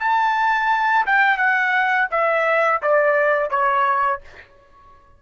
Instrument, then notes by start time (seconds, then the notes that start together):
trumpet
0.00 A5
1.07 G5
1.38 F#5
2.11 E5
2.82 D5
3.50 C#5